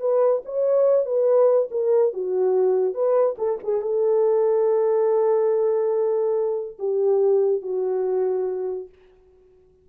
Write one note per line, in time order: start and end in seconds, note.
0.00 0.42 B4
0.45 1.05 C#5
1.05 1.69 B4
1.71 2.13 A#4
2.13 2.94 F#4
2.94 3.36 B4
3.38 3.59 A4
3.63 3.81 G#4
3.81 6.77 A4
6.79 7.62 G4
7.62 8.89 F#4